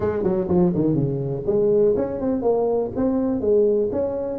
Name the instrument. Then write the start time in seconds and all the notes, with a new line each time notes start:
tuba
0.00 G#3
0.23 F#3
0.48 F3
0.75 D#3
0.94 C#3
1.46 G#3
1.96 C#4
2.20 C4
2.41 A#3
2.96 C4
3.41 G#3
3.92 C#4